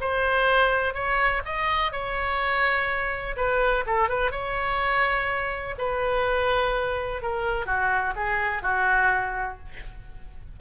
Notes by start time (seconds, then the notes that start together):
0.00 C5
0.94 C#5
1.45 D#5
1.92 C#5
3.36 B4
3.86 A4
4.08 B4
4.31 C#5
5.78 B4
7.22 A#4
7.66 F#4
8.16 G#4
8.62 F#4